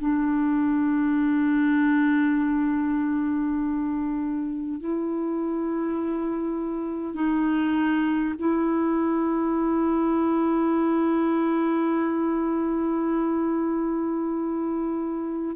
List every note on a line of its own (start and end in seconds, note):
0.00 4.80 D4
4.80 7.15 E4
7.15 8.35 D#4
8.39 15.56 E4